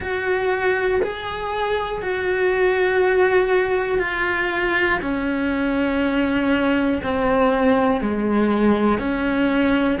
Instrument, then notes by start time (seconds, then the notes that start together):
cello
0.00 F#4
1.02 G#4
2.01 F#4
3.99 F4
5.01 C#4
7.03 C4
8.00 G#3
8.98 C#4